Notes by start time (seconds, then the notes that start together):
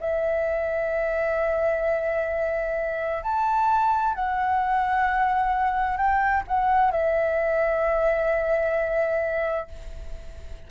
0.00 E5
3.23 A5
4.15 F#5
5.97 G5
6.47 F#5
6.91 E5